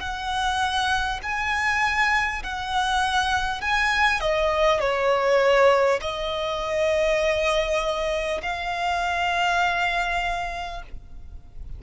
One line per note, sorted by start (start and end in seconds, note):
0.00 1.20 F#5
1.23 2.43 G#5
2.43 3.62 F#5
3.62 4.21 G#5
4.21 4.81 D#5
4.81 6.01 C#5
6.02 8.42 D#5
8.43 10.83 F5